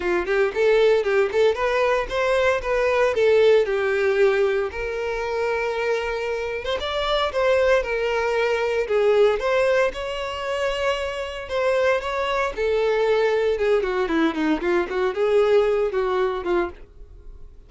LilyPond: \new Staff \with { instrumentName = "violin" } { \time 4/4 \tempo 4 = 115 f'8 g'8 a'4 g'8 a'8 b'4 | c''4 b'4 a'4 g'4~ | g'4 ais'2.~ | ais'8. c''16 d''4 c''4 ais'4~ |
ais'4 gis'4 c''4 cis''4~ | cis''2 c''4 cis''4 | a'2 gis'8 fis'8 e'8 dis'8 | f'8 fis'8 gis'4. fis'4 f'8 | }